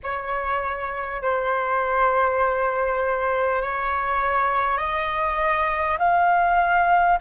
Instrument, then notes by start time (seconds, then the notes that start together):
flute
0.03 C#5
1.22 C5
3.62 C#5
4.77 D#5
5.98 F5